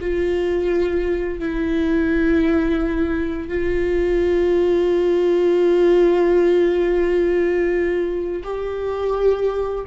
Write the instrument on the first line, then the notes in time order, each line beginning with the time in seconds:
viola
0.00 F4
1.39 E4
3.48 F4
8.44 G4